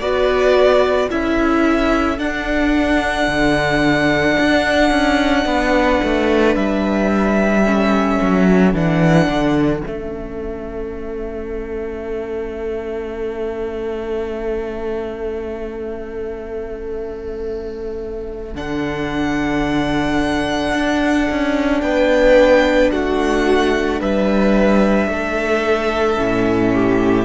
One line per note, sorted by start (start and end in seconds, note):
0.00 1.10 B3
0.00 1.10 F#4
0.00 1.11 B4
0.00 1.09 D5
1.10 2.19 C#4
1.10 2.18 E4
1.10 5.46 A4
1.10 2.19 E5
2.18 7.63 D4
2.18 3.27 D4
2.18 6.55 F#5
3.27 4.36 D3
4.40 4.91 D4
4.91 5.45 C#4
5.45 6.00 B3
5.45 7.65 B4
6.03 6.55 A3
6.55 8.19 G3
6.55 8.73 E5
7.65 8.74 C#4
7.65 21.83 A4
8.22 8.73 F#3
8.73 9.28 E3
8.73 9.81 D4
8.73 9.83 F#5
9.28 9.83 D3
9.81 18.53 C#4
9.81 18.56 E5
9.87 18.55 A3
18.55 20.73 D3
18.55 26.16 D4
18.55 21.81 F#5
20.74 21.28 D4
21.30 21.82 C#4
21.81 22.91 B3
21.81 22.92 B4
21.81 22.90 G5
22.92 24.01 A3
22.92 24.00 F#4
22.92 24.01 F#5
24.00 25.08 G3
24.00 25.09 B4
24.00 27.25 E5
25.08 26.17 A3
25.08 26.74 A4
26.16 27.25 A2
26.16 27.25 C#4
26.74 27.25 G4